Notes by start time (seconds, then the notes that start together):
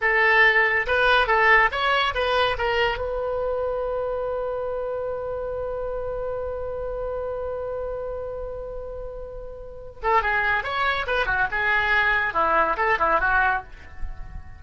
0.01 A4
0.86 B4
1.27 A4
1.71 C#5
2.14 B4
2.58 A#4
2.97 B4
10.03 A4
10.22 G#4
10.63 C#5
11.06 B4
11.26 F#4
11.51 G#4
12.33 E4
12.77 A4
12.98 E4
13.20 F#4